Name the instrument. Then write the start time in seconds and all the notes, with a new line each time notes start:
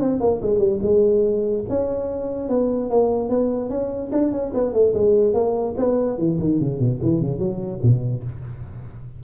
tuba
0.00 C4
0.20 A#3
0.42 G#3
0.59 G3
0.82 G#3
1.69 C#4
2.49 B3
2.90 A#3
3.29 B3
3.70 C#4
4.12 D4
4.32 C#4
4.54 B3
4.73 A3
4.94 G#3
5.34 A#3
5.77 B3
6.18 E3
6.40 D#3
6.60 C#3
6.80 B2
7.02 E3
7.21 C#3
7.39 F#3
7.83 B2